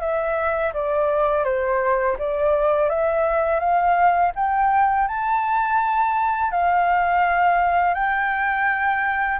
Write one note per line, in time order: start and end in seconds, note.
0.00 0.72 E5
0.73 1.44 D5
1.44 2.16 C5
2.19 2.89 D5
2.89 3.59 E5
3.59 4.32 F5
4.35 5.07 G5
5.07 6.51 A5
6.51 7.94 F5
7.94 9.38 G5